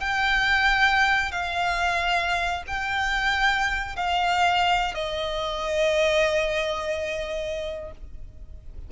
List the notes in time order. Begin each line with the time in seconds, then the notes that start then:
0.00 G5
1.32 F5
2.67 G5
3.96 F5
4.95 D#5